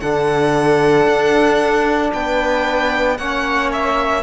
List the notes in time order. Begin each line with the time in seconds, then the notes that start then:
0.00 D3 D4 A4 F#5
1.07 D4
2.13 B3 B4 G5
3.17 A#3 C#4 C#5 F#5
3.72 E5